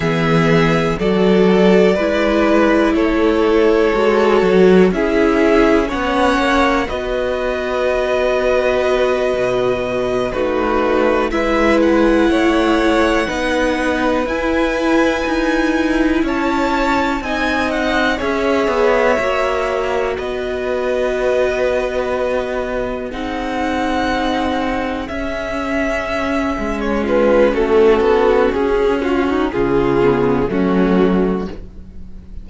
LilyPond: <<
  \new Staff \with { instrumentName = "violin" } { \time 4/4 \tempo 4 = 61 e''4 d''2 cis''4~ | cis''4 e''4 fis''4 dis''4~ | dis''2~ dis''8 b'4 e''8 | fis''2~ fis''8 gis''4.~ |
gis''8 a''4 gis''8 fis''8 e''4.~ | e''8 dis''2. fis''8~ | fis''4. e''4.~ e''16 cis''16 b'8 | a'4 gis'8 fis'8 gis'4 fis'4 | }
  \new Staff \with { instrumentName = "violin" } { \time 4/4 gis'4 a'4 b'4 a'4~ | a'4 gis'4 cis''4 b'4~ | b'2~ b'8 fis'4 b'8~ | b'8 cis''4 b'2~ b'8~ |
b'8 cis''4 dis''4 cis''4.~ | cis''8 b'2. gis'8~ | gis'2.~ gis'8 f'8 | fis'4. f'16 dis'16 f'4 cis'4 | }
  \new Staff \with { instrumentName = "viola" } { \time 4/4 b4 fis'4 e'2 | fis'4 e'4 cis'4 fis'4~ | fis'2~ fis'8 dis'4 e'8~ | e'4. dis'4 e'4.~ |
e'4. dis'4 gis'4 fis'8~ | fis'2.~ fis'8 dis'8~ | dis'4. cis'2~ cis'8~ | cis'2~ cis'8 b8 a4 | }
  \new Staff \with { instrumentName = "cello" } { \time 4/4 e4 fis4 gis4 a4 | gis8 fis8 cis'4 b8 ais8 b4~ | b4. b,4 a4 gis8~ | gis8 a4 b4 e'4 dis'8~ |
dis'8 cis'4 c'4 cis'8 b8 ais8~ | ais8 b2. c'8~ | c'4. cis'4. gis4 | a8 b8 cis'4 cis4 fis4 | }
>>